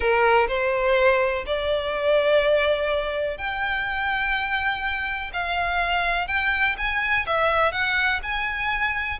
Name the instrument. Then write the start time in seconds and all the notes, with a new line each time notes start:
violin
0.00 A#4
0.48 C5
1.46 D5
3.37 G5
5.33 F5
6.27 G5
6.77 G#5
7.26 E5
7.72 F#5
8.22 G#5